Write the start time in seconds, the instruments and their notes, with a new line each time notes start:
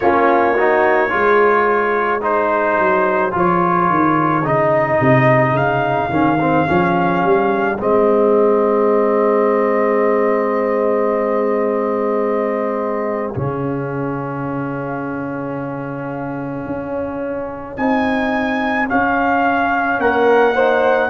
0.00 tuba A#3, trombone C#4, horn F4, trumpet C#5
0.54 trombone D#4, horn F#4
1.09 tuba G#3, trombone F4, horn G#4
2.21 trombone D#4, trumpet C5
2.78 tuba F#3
3.31 tuba F3, trombone F4
3.37 trumpet C#5
3.89 tuba D#3
4.43 tuba C#3, trombone D#4, trumpet D#5
5.00 tuba C3
5.52 tuba C#3, trumpet F5
6.09 tuba D#3, trombone C#4
6.40 trombone C4
6.66 tuba F3, trombone C#4
7.23 tuba G3
7.78 tuba G#3, trombone C4, trumpet D#5
13.32 tuba C#3, trombone C#4, trumpet F5
16.66 tuba C#4
17.76 tuba C4, trombone D#4, trumpet G#5
18.87 trombone C#4, tuba C#4, trumpet F5
19.99 tuba A#3, horn A#4, trumpet F#5
20.54 trombone D#4, horn C5